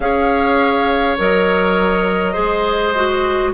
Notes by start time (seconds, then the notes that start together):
0.00 C#4 G#4 C#5 F5
1.18 F#3 A#4 D#5
2.32 G#3 G#4 C5
2.95 F#4